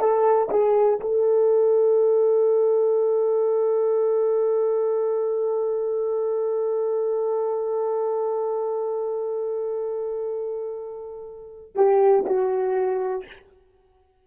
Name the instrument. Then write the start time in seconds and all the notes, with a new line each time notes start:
horn
0.00 A4
0.50 G#4
1.01 A4
11.76 G4
12.27 F#4